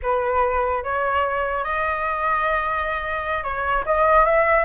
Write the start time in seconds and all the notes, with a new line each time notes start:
0.02 B4
0.83 C#5
1.63 D#5
3.43 C#5
3.85 D#5
4.25 E5